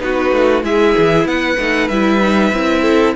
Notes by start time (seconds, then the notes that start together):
0.00 B3 D#4 F#4 B4
0.32 A3
0.63 G#3 E4 G#4 E5
0.98 E3
1.25 B3 B4 F#5
1.59 A3 D#4
1.89 G3 E4 E5
2.22 D#4
2.53 C4 E4
2.82 A4